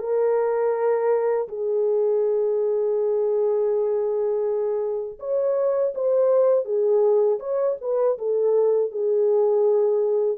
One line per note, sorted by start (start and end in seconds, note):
0.00 1.48 A#4
1.49 5.19 G#4
5.20 5.94 C#5
5.95 6.65 C5
6.65 7.39 G#4
7.40 7.77 C#5
7.81 8.19 B4
8.19 8.92 A4
8.92 10.38 G#4